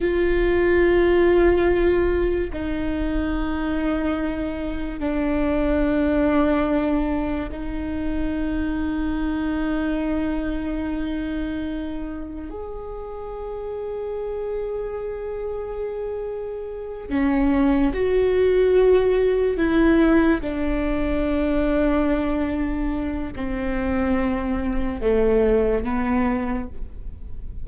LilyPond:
\new Staff \with { instrumentName = "viola" } { \time 4/4 \tempo 4 = 72 f'2. dis'4~ | dis'2 d'2~ | d'4 dis'2.~ | dis'2. gis'4~ |
gis'1~ | gis'8 cis'4 fis'2 e'8~ | e'8 d'2.~ d'8 | c'2 a4 b4 | }